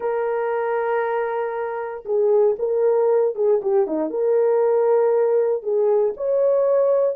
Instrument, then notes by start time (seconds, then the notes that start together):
horn
0.00 A#4
2.05 G#4
2.58 A#4
3.35 G#4
3.62 G4
3.86 D#4
4.10 A#4
5.62 G#4
6.17 C#5